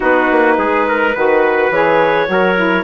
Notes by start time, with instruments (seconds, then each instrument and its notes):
0.00 bassoon B3, saxophone D#4, trumpet F#4, clarinet B4
0.30 bassoon A#3
0.58 bassoon G#3, trumpet G#4
0.88 trumpet A#4
1.15 bassoon D#3, saxophone F#4, trumpet B4
1.70 bassoon E3, saxophone G#4, clarinet C#5
2.26 bassoon F#3, saxophone F#4, trumpet A#4
2.55 saxophone E4